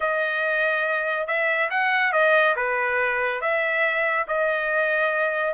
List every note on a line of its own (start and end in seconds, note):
0.00 1.27 D#5
1.27 1.69 E5
1.70 2.12 F#5
2.12 2.55 D#5
2.56 3.41 B4
3.41 4.26 E5
4.27 5.54 D#5